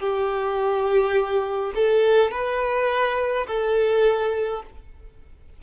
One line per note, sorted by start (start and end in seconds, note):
0.00 1.73 G4
1.75 2.31 A4
2.31 3.47 B4
3.47 4.63 A4